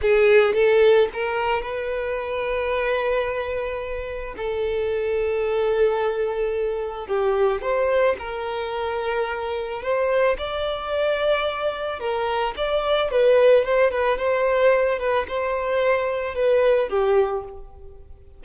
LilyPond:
\new Staff \with { instrumentName = "violin" } { \time 4/4 \tempo 4 = 110 gis'4 a'4 ais'4 b'4~ | b'1 | a'1~ | a'4 g'4 c''4 ais'4~ |
ais'2 c''4 d''4~ | d''2 ais'4 d''4 | b'4 c''8 b'8 c''4. b'8 | c''2 b'4 g'4 | }